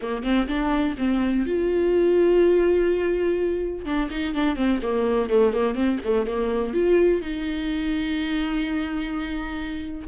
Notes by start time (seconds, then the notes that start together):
0.01 A#3
0.23 C4
0.47 D4
0.98 C4
1.46 F4
3.85 D4
4.10 D#4
4.34 D4
4.56 C4
4.82 A#3
5.30 A3
5.53 A#3
5.75 C4
6.04 A3
6.26 A#3
6.73 F4
7.21 D#4